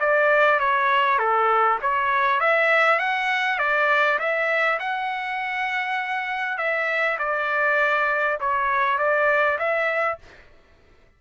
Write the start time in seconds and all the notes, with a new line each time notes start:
0.00 D5
0.59 C#5
1.18 A4
1.82 C#5
2.40 E5
2.99 F#5
3.59 D5
4.19 E5
4.79 F#5
6.58 E5
7.19 D5
8.40 C#5
8.98 D5
9.59 E5